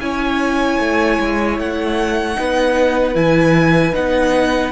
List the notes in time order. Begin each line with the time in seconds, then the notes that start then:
0.00 C#4 E4 C#5 G#5
0.79 A3
1.19 G#3
1.58 A3 F#5
2.34 B3 D#4 B4
3.14 E3 E4 G#5
3.92 B3 D#4 F#5